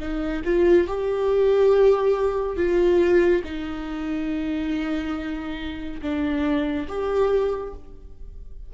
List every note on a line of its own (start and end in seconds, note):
0.00 0.43 D#4
0.45 0.87 F4
0.87 2.56 G4
2.56 3.42 F4
3.44 6.01 D#4
6.02 6.87 D4
6.88 7.74 G4